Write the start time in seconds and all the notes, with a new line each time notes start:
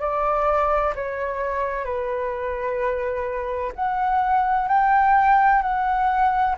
0.00 D5
0.95 C#5
1.85 B4
3.75 F#5
4.68 G5
5.62 F#5